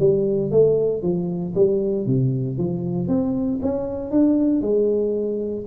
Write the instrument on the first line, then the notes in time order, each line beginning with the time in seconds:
tuba
0.00 G3
0.51 A3
1.03 F3
1.56 G3
2.06 C3
2.58 F3
3.08 C4
3.63 C#4
4.11 D4
4.62 G#3